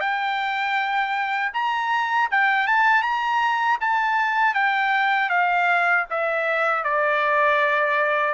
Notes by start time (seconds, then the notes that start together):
0.00 G5
1.53 A#5
2.31 G5
2.67 A5
3.02 A#5
3.80 A5
4.54 G5
5.29 F5
6.10 E5
6.84 D5